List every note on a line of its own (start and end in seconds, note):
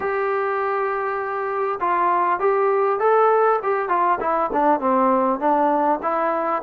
0.00 1.79 G4
1.80 2.39 F4
2.39 2.99 G4
2.99 3.59 A4
3.62 3.88 G4
3.88 4.18 F4
4.20 4.50 E4
4.52 4.79 D4
4.79 5.39 C4
5.39 5.99 D4
6.02 6.62 E4